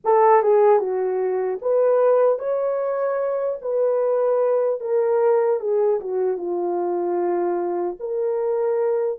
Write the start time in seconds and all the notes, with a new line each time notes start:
0.04 A4
0.42 G#4
0.79 F#4
1.61 B4
2.39 C#5
3.61 B4
4.80 A#4
5.60 G#4
6.00 F#4
6.37 F4
7.99 A#4